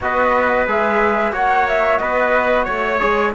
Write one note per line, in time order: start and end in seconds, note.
0.00 0.66 B3
0.00 0.67 F#4
0.00 1.33 B4
0.00 0.68 D#5
0.66 1.32 G#3
0.66 1.32 G#4
0.66 1.34 E5
1.32 1.99 A#3
1.32 2.98 F#4
1.32 1.99 C#5
1.32 1.67 F#5
1.67 1.98 E5
1.98 2.67 B3
1.98 2.64 B4
1.98 2.65 D#5
2.64 3.01 A3
2.64 3.31 C#5
2.64 3.32 C#5
2.99 3.34 G#3
2.99 3.32 G#4